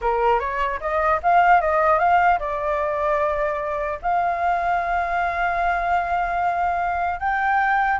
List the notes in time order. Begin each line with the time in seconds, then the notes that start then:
0.01 A#4
0.39 C#5
0.80 D#5
1.22 F5
1.61 D#5
1.98 F5
2.39 D5
4.01 F5
7.19 G5